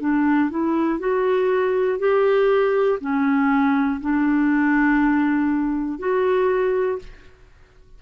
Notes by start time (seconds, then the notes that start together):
0.00 D4
0.50 E4
0.99 F#4
1.98 G4
3.00 C#4
4.00 D4
5.98 F#4